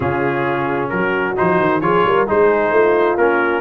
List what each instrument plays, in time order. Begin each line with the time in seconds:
0.00 tuba C#3, trombone C#4, horn F4, trumpet G#4
0.88 tuba F#3, trumpet A#4
0.94 horn F#4
1.36 tuba F3, trombone D#4, trumpet C5
1.59 tuba D#3
1.81 tuba F3, trombone F4, horn G#4, trumpet C#5
2.05 tuba G3, horn A#4
2.27 tuba G#3, trombone D#4, horn G#4, trumpet C5
2.70 tuba A3, horn F4
3.17 tuba A#3, trombone C#4, trumpet A#4